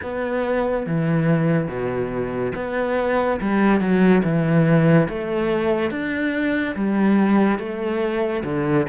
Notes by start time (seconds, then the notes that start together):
0.02 B3
0.86 E3
1.67 B2
2.55 B3
3.40 G3
3.80 F#3
4.23 E3
5.09 A3
5.90 D4
6.75 G3
7.58 A3
8.44 D3